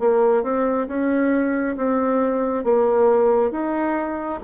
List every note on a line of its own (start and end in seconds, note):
0.00 0.43 A#3
0.43 0.87 C4
0.88 1.76 C#4
1.77 2.64 C4
2.64 3.51 A#3
3.51 4.40 D#4